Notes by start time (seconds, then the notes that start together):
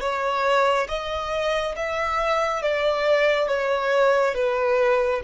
0.00 C#5
0.88 D#5
1.76 E5
2.62 D5
3.47 C#5
4.34 B4